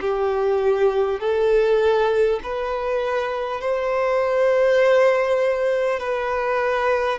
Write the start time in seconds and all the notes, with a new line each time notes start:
0.00 G4
1.19 A4
2.43 B4
3.60 C5
5.99 B4